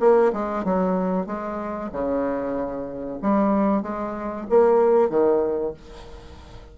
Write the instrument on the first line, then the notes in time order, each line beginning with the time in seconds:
bassoon
0.00 A#3
0.32 G#3
0.64 F#3
1.26 G#3
1.92 C#3
3.22 G3
3.82 G#3
4.49 A#3
5.09 D#3